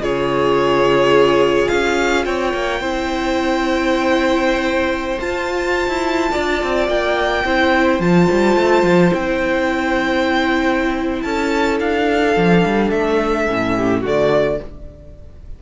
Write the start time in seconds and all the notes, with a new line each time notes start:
0.00 C#3 F4 G#4 C#5
1.68 C#4 F5
2.25 C4 C#5 G5
2.54 A#3
2.80 C4 E4 C5
5.20 F4 A5
5.88 E4
6.32 D4 D5
6.63 C4
6.88 A#3 G5
7.44 C4 E4 C5
7.99 F3 F4 A5
8.31 G3
8.56 A3
8.83 F3
9.11 C4 E4 G5
11.22 C#4 A4 A5
11.80 D4 F5
12.36 F3 D4
12.65 G3
12.90 A3 E5
13.48 A2 C#4
13.75 G4
14.00 D3 A3 F#4 D5